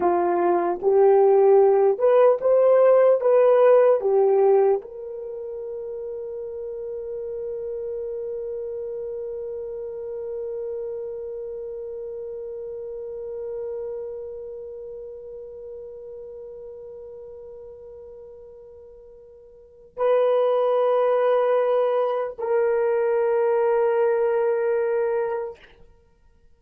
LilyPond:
\new Staff \with { instrumentName = "horn" } { \time 4/4 \tempo 4 = 75 f'4 g'4. b'8 c''4 | b'4 g'4 ais'2~ | ais'1~ | ais'1~ |
ais'1~ | ais'1~ | ais'4 b'2. | ais'1 | }